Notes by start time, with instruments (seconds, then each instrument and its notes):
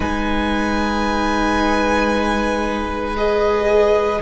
0.00 cello G#3, viola D#4, violin B4 G#5
3.16 viola G#4, violin D#5